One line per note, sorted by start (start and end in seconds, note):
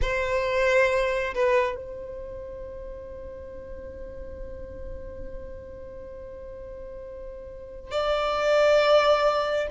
0.01 1.34 C5
1.34 1.76 B4
1.76 7.91 C5
7.91 9.67 D5